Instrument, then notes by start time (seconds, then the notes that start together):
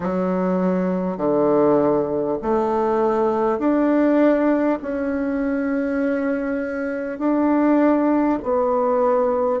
bassoon
0.00 F#3
1.17 D3
2.42 A3
3.58 D4
4.82 C#4
7.18 D4
8.42 B3